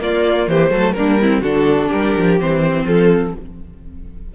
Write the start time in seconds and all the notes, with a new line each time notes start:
0.00 A#3 F4 D5
0.48 E3 G4 C5
0.70 F#3 A3 A4
0.93 A#3 D4 A#4
0.99 G3
1.22 C4 E4
1.41 D3 D4 F#4 A4
1.89 G3 G4 A#4
2.17 F3
2.40 E3 C4 C5
2.84 F3 F4 A4